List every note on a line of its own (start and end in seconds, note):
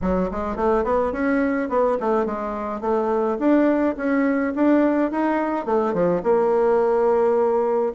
0.01 0.30 F#3
0.31 0.56 G#3
0.56 0.84 A3
0.84 1.12 B3
1.12 1.69 C#4
1.69 1.97 B3
2.00 2.25 A3
2.25 2.80 G#3
2.80 3.37 A3
3.39 3.95 D4
3.96 4.53 C#4
4.55 5.11 D4
5.11 5.65 D#4
5.65 5.93 A3
5.93 6.22 F3
6.23 7.93 A#3